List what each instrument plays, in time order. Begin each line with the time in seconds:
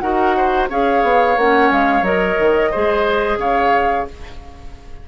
0.00 bassoon D#4, clarinet F#4, oboe A#4, flute F#5
0.37 oboe C5
0.70 bassoon C#4, clarinet G#4, oboe C#5, flute F5
1.03 bassoon B3
1.37 bassoon A#3, clarinet C#4, flute F#5
1.71 bassoon G#3, flute F5
2.02 bassoon F#3, clarinet A#4, flute D#5
2.39 bassoon D#3
2.71 bassoon G#3, clarinet G#4, oboe C5
3.37 bassoon C#3, oboe C#5, flute F5